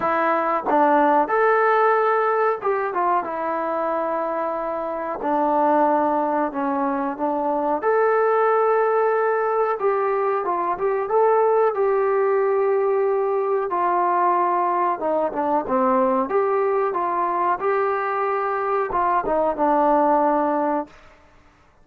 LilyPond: \new Staff \with { instrumentName = "trombone" } { \time 4/4 \tempo 4 = 92 e'4 d'4 a'2 | g'8 f'8 e'2. | d'2 cis'4 d'4 | a'2. g'4 |
f'8 g'8 a'4 g'2~ | g'4 f'2 dis'8 d'8 | c'4 g'4 f'4 g'4~ | g'4 f'8 dis'8 d'2 | }